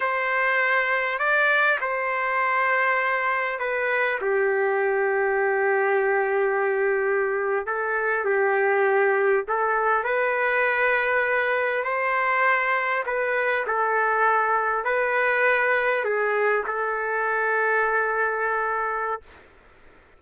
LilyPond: \new Staff \with { instrumentName = "trumpet" } { \time 4/4 \tempo 4 = 100 c''2 d''4 c''4~ | c''2 b'4 g'4~ | g'1~ | g'8. a'4 g'2 a'16~ |
a'8. b'2. c''16~ | c''4.~ c''16 b'4 a'4~ a'16~ | a'8. b'2 gis'4 a'16~ | a'1 | }